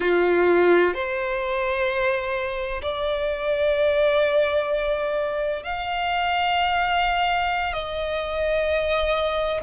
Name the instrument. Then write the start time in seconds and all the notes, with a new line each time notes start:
violin
0.00 F4
0.94 C5
2.82 D5
5.63 F5
7.73 D#5